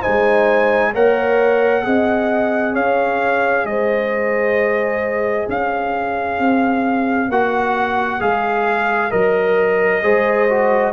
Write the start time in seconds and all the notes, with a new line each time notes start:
0.00 D#4 C5 G#5
0.08 G#3
0.94 A#3 A#4 C#5 F#5
1.83 C4 G#4 D#5
2.74 C#4 C#5 F5
3.65 G#3 C5 D#5
5.49 C#4 C#5 F5
6.39 C4
7.29 A#3 F#4 F#5
8.20 G#3 G#4 F5
9.11 F#3 A#4 D#5
10.03 G#3 G#4 C5
10.50 F#4